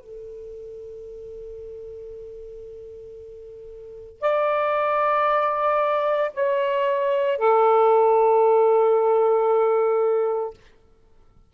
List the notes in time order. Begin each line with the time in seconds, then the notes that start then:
0.00 A4
4.21 D5
6.34 C#5
7.38 A4